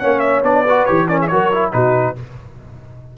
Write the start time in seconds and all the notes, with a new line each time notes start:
0.00 A#3 C#4 C#5 F#5
0.20 E5
0.43 B3 D4 D5
0.65 F#4 B4
0.86 E3 G4 C#5
1.08 C#4 A#4 D5
1.20 G#4 E5
1.28 F#3 F#4 A#4 C#5
1.53 E4
1.73 B2 D#4 F#4 B4